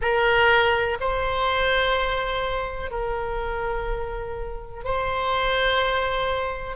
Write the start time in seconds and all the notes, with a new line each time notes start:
0.01 A#4
1.00 C5
2.90 A#4
4.84 C5